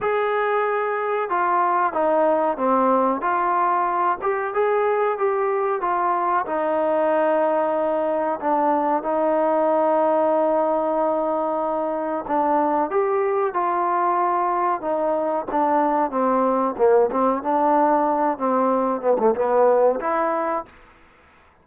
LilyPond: \new Staff \with { instrumentName = "trombone" } { \time 4/4 \tempo 4 = 93 gis'2 f'4 dis'4 | c'4 f'4. g'8 gis'4 | g'4 f'4 dis'2~ | dis'4 d'4 dis'2~ |
dis'2. d'4 | g'4 f'2 dis'4 | d'4 c'4 ais8 c'8 d'4~ | d'8 c'4 b16 a16 b4 e'4 | }